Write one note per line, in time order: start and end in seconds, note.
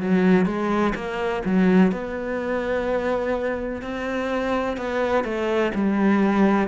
0.00 0.46 F#3
0.46 0.94 G#3
0.95 1.42 A#3
1.45 1.92 F#3
1.92 3.82 B3
3.82 4.77 C4
4.77 5.24 B3
5.24 5.72 A3
5.74 6.68 G3